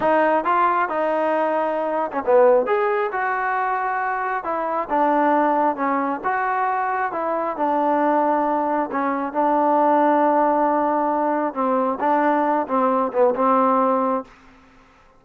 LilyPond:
\new Staff \with { instrumentName = "trombone" } { \time 4/4 \tempo 4 = 135 dis'4 f'4 dis'2~ | dis'8. cis'16 b4 gis'4 fis'4~ | fis'2 e'4 d'4~ | d'4 cis'4 fis'2 |
e'4 d'2. | cis'4 d'2.~ | d'2 c'4 d'4~ | d'8 c'4 b8 c'2 | }